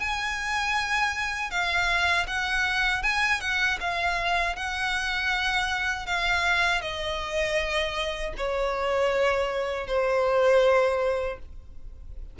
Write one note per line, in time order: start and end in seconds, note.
0.00 1.51 G#5
1.51 2.26 F5
2.27 3.02 F#5
3.02 3.40 G#5
3.40 3.78 F#5
3.80 4.56 F5
4.56 6.06 F#5
6.06 6.81 F5
6.81 8.33 D#5
8.37 9.87 C#5
9.87 11.39 C5